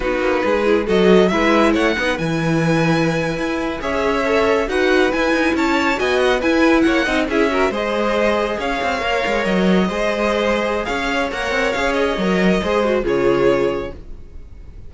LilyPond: <<
  \new Staff \with { instrumentName = "violin" } { \time 4/4 \tempo 4 = 138 b'2 dis''4 e''4 | fis''4 gis''2.~ | gis''8. e''2 fis''4 gis''16~ | gis''8. a''4 gis''8 fis''8 gis''4 fis''16~ |
fis''8. e''4 dis''2 f''16~ | f''4.~ f''16 dis''2~ dis''16~ | dis''4 f''4 fis''4 f''8 dis''8~ | dis''2 cis''2 | }
  \new Staff \with { instrumentName = "violin" } { \time 4/4 fis'4 gis'4 a'4 b'4 | cis''8 b'2.~ b'8~ | b'8. cis''2 b'4~ b'16~ | b'8. cis''4 dis''4 b'4 cis''16~ |
cis''16 dis''8 gis'8 ais'8 c''2 cis''16~ | cis''2~ cis''8. c''4~ c''16~ | c''4 cis''2.~ | cis''4 c''4 gis'2 | }
  \new Staff \with { instrumentName = "viola" } { \time 4/4 dis'4. e'8 fis'4 e'4~ | e'8 dis'8 e'2.~ | e'8. gis'4 a'4 fis'4 e'16~ | e'4.~ e'16 fis'4 e'4~ e'16~ |
e'16 dis'8 e'8 fis'8 gis'2~ gis'16~ | gis'8. ais'2 gis'4~ gis'16~ | gis'2 ais'4 gis'4 | ais'4 gis'8 fis'8 f'2 | }
  \new Staff \with { instrumentName = "cello" } { \time 4/4 b8 ais8 gis4 fis4 gis4 | a8 b8 e2~ e8. e'16~ | e'8. cis'2 dis'4 e'16~ | e'16 dis'8 cis'4 b4 e'4 ais16~ |
ais16 c'8 cis'4 gis2 cis'16~ | cis'16 c'8 ais8 gis8 fis4 gis4~ gis16~ | gis4 cis'4 ais8 c'8 cis'4 | fis4 gis4 cis2 | }
>>